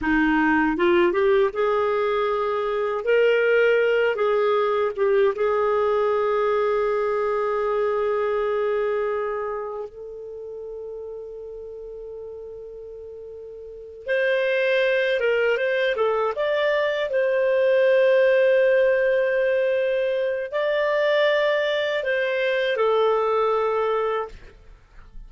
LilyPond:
\new Staff \with { instrumentName = "clarinet" } { \time 4/4 \tempo 4 = 79 dis'4 f'8 g'8 gis'2 | ais'4. gis'4 g'8 gis'4~ | gis'1~ | gis'4 a'2.~ |
a'2~ a'8 c''4. | ais'8 c''8 a'8 d''4 c''4.~ | c''2. d''4~ | d''4 c''4 a'2 | }